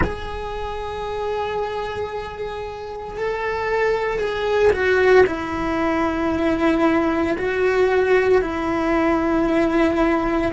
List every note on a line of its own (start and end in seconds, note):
0.03 3.17 G#4
3.17 4.19 A4
4.19 4.71 G#4
4.72 5.24 F#4
5.26 7.36 E4
7.37 8.41 F#4
8.41 10.52 E4